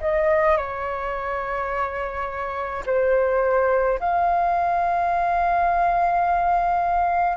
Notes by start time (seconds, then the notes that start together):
0.00 D#5
0.57 C#5
2.86 C5
3.99 F5